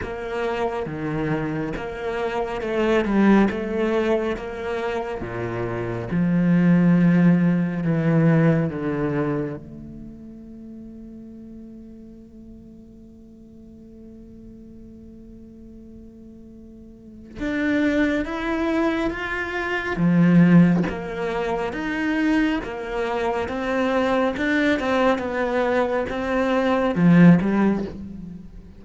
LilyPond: \new Staff \with { instrumentName = "cello" } { \time 4/4 \tempo 4 = 69 ais4 dis4 ais4 a8 g8 | a4 ais4 ais,4 f4~ | f4 e4 d4 a4~ | a1~ |
a1 | d'4 e'4 f'4 f4 | ais4 dis'4 ais4 c'4 | d'8 c'8 b4 c'4 f8 g8 | }